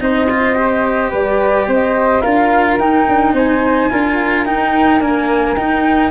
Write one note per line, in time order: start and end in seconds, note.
0.00 1.12 C4
0.00 0.28 D#4
0.00 1.10 C5
0.00 1.11 D#5
0.30 0.56 F4
0.56 2.22 G4
1.10 1.68 G3
1.10 1.66 B4
1.10 1.70 D5
1.68 2.23 C4
1.68 2.22 C5
1.68 2.22 D#5
2.22 2.79 D4
2.22 2.80 F4
2.22 3.33 A#4
2.22 2.77 F5
2.79 3.07 D#4
2.79 3.91 D#4
2.79 3.35 G5
3.08 3.33 D4
3.33 3.88 C4
3.33 3.90 C5
3.33 4.46 G#5
3.91 4.47 D4
3.91 4.46 F4
3.91 6.11 A#4
4.46 5.01 D#4
4.46 5.01 G5
5.01 5.56 A#3
5.01 5.56 D4
5.01 5.56 G#5
5.56 6.11 D#4
5.56 6.11 G5